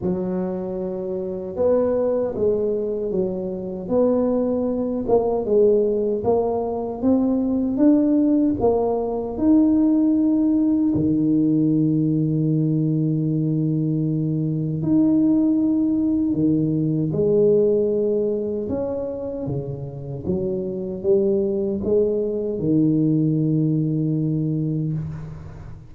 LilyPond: \new Staff \with { instrumentName = "tuba" } { \time 4/4 \tempo 4 = 77 fis2 b4 gis4 | fis4 b4. ais8 gis4 | ais4 c'4 d'4 ais4 | dis'2 dis2~ |
dis2. dis'4~ | dis'4 dis4 gis2 | cis'4 cis4 fis4 g4 | gis4 dis2. | }